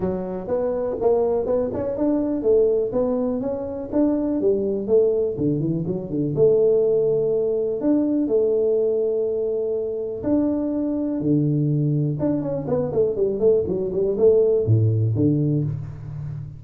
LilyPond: \new Staff \with { instrumentName = "tuba" } { \time 4/4 \tempo 4 = 123 fis4 b4 ais4 b8 cis'8 | d'4 a4 b4 cis'4 | d'4 g4 a4 d8 e8 | fis8 d8 a2. |
d'4 a2.~ | a4 d'2 d4~ | d4 d'8 cis'8 b8 a8 g8 a8 | fis8 g8 a4 a,4 d4 | }